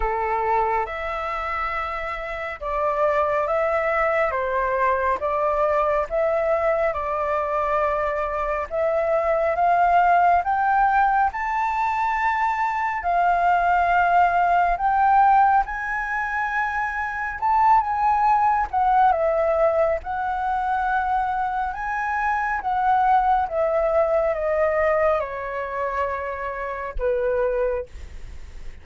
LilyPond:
\new Staff \with { instrumentName = "flute" } { \time 4/4 \tempo 4 = 69 a'4 e''2 d''4 | e''4 c''4 d''4 e''4 | d''2 e''4 f''4 | g''4 a''2 f''4~ |
f''4 g''4 gis''2 | a''8 gis''4 fis''8 e''4 fis''4~ | fis''4 gis''4 fis''4 e''4 | dis''4 cis''2 b'4 | }